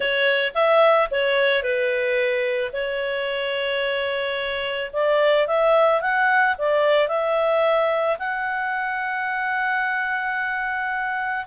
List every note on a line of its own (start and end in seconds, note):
0.00 0.52 C#5
0.54 1.09 E5
1.10 1.62 C#5
1.62 2.71 B4
2.72 4.91 C#5
4.92 5.47 D5
5.47 6.01 E5
6.01 6.56 F#5
6.58 7.08 D5
7.08 8.17 E5
8.18 11.45 F#5